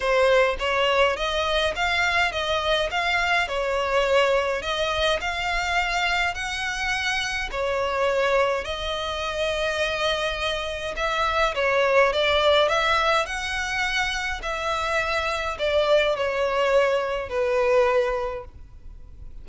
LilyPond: \new Staff \with { instrumentName = "violin" } { \time 4/4 \tempo 4 = 104 c''4 cis''4 dis''4 f''4 | dis''4 f''4 cis''2 | dis''4 f''2 fis''4~ | fis''4 cis''2 dis''4~ |
dis''2. e''4 | cis''4 d''4 e''4 fis''4~ | fis''4 e''2 d''4 | cis''2 b'2 | }